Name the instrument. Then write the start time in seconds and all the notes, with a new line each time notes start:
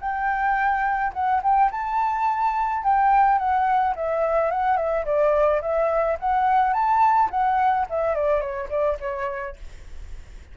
flute
0.00 G5
1.13 F#5
1.42 G5
1.71 A5
2.83 G5
3.38 F#5
3.95 E5
4.51 F#5
4.76 E5
5.05 D5
5.61 E5
6.19 F#5
6.73 A5
7.30 F#5
7.89 E5
8.14 D5
8.40 C#5
8.69 D5
9.00 C#5